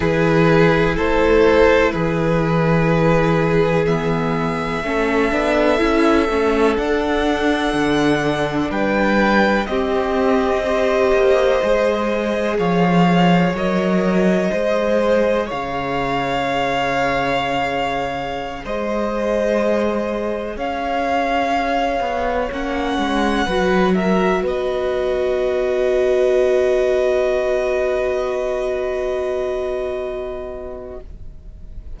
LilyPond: <<
  \new Staff \with { instrumentName = "violin" } { \time 4/4 \tempo 4 = 62 b'4 c''4 b'2 | e''2. fis''4~ | fis''4 g''4 dis''2~ | dis''4 f''4 dis''2 |
f''2.~ f''16 dis''8.~ | dis''4~ dis''16 f''2 fis''8.~ | fis''8. e''8 dis''2~ dis''8.~ | dis''1 | }
  \new Staff \with { instrumentName = "violin" } { \time 4/4 gis'4 a'4 gis'2~ | gis'4 a'2.~ | a'4 b'4 g'4 c''4~ | c''4 cis''2 c''4 |
cis''2.~ cis''16 c''8.~ | c''4~ c''16 cis''2~ cis''8.~ | cis''16 b'8 ais'8 b'2~ b'8.~ | b'1 | }
  \new Staff \with { instrumentName = "viola" } { \time 4/4 e'1 | b4 cis'8 d'8 e'8 cis'8 d'4~ | d'2 c'4 g'4 | gis'2 ais'4 gis'4~ |
gis'1~ | gis'2.~ gis'16 cis'8.~ | cis'16 fis'2.~ fis'8.~ | fis'1 | }
  \new Staff \with { instrumentName = "cello" } { \time 4/4 e4 a4 e2~ | e4 a8 b8 cis'8 a8 d'4 | d4 g4 c'4. ais8 | gis4 f4 fis4 gis4 |
cis2.~ cis16 gis8.~ | gis4~ gis16 cis'4. b8 ais8 gis16~ | gis16 fis4 b2~ b8.~ | b1 | }
>>